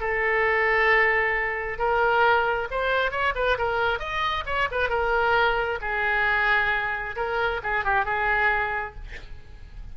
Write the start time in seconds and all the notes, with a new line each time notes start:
0.00 A4
1.78 A#4
2.71 C5
3.11 C#5
3.35 B4
3.58 A#4
4.00 D#5
4.46 C#5
4.71 B4
4.89 A#4
5.81 G#4
7.16 A#4
7.63 G#4
7.85 G4
8.05 G#4